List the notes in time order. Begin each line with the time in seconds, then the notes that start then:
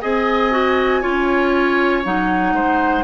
0.00 C4 G#4 D#5 G#5
0.51 F#4
1.01 C#4 F4 C#5
2.04 F#3 D#4 F#5
2.53 G#3 C5